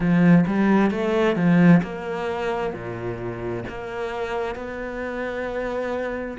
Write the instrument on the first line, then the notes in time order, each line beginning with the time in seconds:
cello
0.00 F3
0.47 G3
0.90 A3
1.36 F3
1.83 A#3
2.73 A#2
3.68 A#3
4.55 B3